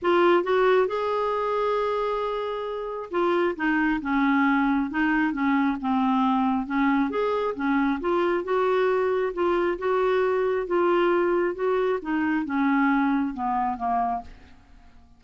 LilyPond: \new Staff \with { instrumentName = "clarinet" } { \time 4/4 \tempo 4 = 135 f'4 fis'4 gis'2~ | gis'2. f'4 | dis'4 cis'2 dis'4 | cis'4 c'2 cis'4 |
gis'4 cis'4 f'4 fis'4~ | fis'4 f'4 fis'2 | f'2 fis'4 dis'4 | cis'2 b4 ais4 | }